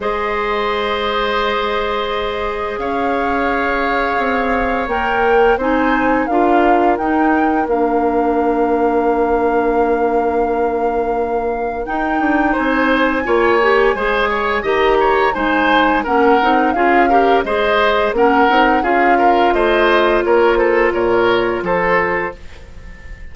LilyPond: <<
  \new Staff \with { instrumentName = "flute" } { \time 4/4 \tempo 4 = 86 dis''1 | f''2. g''4 | gis''4 f''4 g''4 f''4~ | f''1~ |
f''4 g''4 gis''2~ | gis''4 ais''4 gis''4 fis''4 | f''4 dis''4 fis''4 f''4 | dis''4 cis''8 c''8 cis''4 c''4 | }
  \new Staff \with { instrumentName = "oboe" } { \time 4/4 c''1 | cis''1 | c''4 ais'2.~ | ais'1~ |
ais'2 c''4 cis''4 | c''8 cis''8 dis''8 cis''8 c''4 ais'4 | gis'8 ais'8 c''4 ais'4 gis'8 ais'8 | c''4 ais'8 a'8 ais'4 a'4 | }
  \new Staff \with { instrumentName = "clarinet" } { \time 4/4 gis'1~ | gis'2. ais'4 | dis'4 f'4 dis'4 d'4~ | d'1~ |
d'4 dis'2 f'8 g'8 | gis'4 g'4 dis'4 cis'8 dis'8 | f'8 g'8 gis'4 cis'8 dis'8 f'4~ | f'1 | }
  \new Staff \with { instrumentName = "bassoon" } { \time 4/4 gis1 | cis'2 c'4 ais4 | c'4 d'4 dis'4 ais4~ | ais1~ |
ais4 dis'8 d'8 c'4 ais4 | gis4 dis4 gis4 ais8 c'8 | cis'4 gis4 ais8 c'8 cis'4 | a4 ais4 ais,4 f4 | }
>>